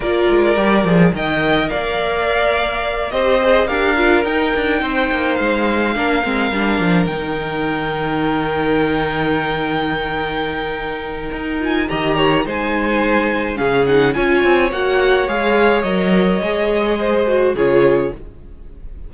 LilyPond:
<<
  \new Staff \with { instrumentName = "violin" } { \time 4/4 \tempo 4 = 106 d''2 g''4 f''4~ | f''4. dis''4 f''4 g''8~ | g''4. f''2~ f''8~ | f''8 g''2.~ g''8~ |
g''1~ | g''8 gis''8 ais''4 gis''2 | f''8 fis''8 gis''4 fis''4 f''4 | dis''2. cis''4 | }
  \new Staff \with { instrumentName = "violin" } { \time 4/4 ais'2 dis''4 d''4~ | d''4. c''4 ais'4.~ | ais'8 c''2 ais'4.~ | ais'1~ |
ais'1~ | ais'4 dis''8 cis''8 c''2 | gis'4 cis''2.~ | cis''2 c''4 gis'4 | }
  \new Staff \with { instrumentName = "viola" } { \time 4/4 f'4 g'8 gis'8 ais'2~ | ais'4. g'8 gis'8 g'8 f'8 dis'8~ | dis'2~ dis'8 d'8 c'8 d'8~ | d'8 dis'2.~ dis'8~ |
dis'1~ | dis'8 f'8 g'4 dis'2 | cis'8 dis'8 f'4 fis'4 gis'4 | ais'4 gis'4. fis'8 f'4 | }
  \new Staff \with { instrumentName = "cello" } { \time 4/4 ais8 gis8 g8 f8 dis4 ais4~ | ais4. c'4 d'4 dis'8 | d'8 c'8 ais8 gis4 ais8 gis8 g8 | f8 dis2.~ dis8~ |
dis1 | dis'4 dis4 gis2 | cis4 cis'8 c'8 ais4 gis4 | fis4 gis2 cis4 | }
>>